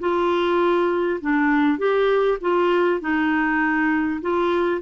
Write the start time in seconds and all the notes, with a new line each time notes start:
0.00 F4
1.21 D4
1.79 G4
2.41 F4
3.01 D#4
4.22 F4